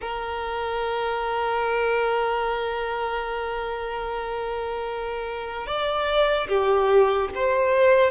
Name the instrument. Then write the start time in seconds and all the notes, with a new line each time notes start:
violin
0.01 A#4
5.66 D5
6.48 G4
7.34 C5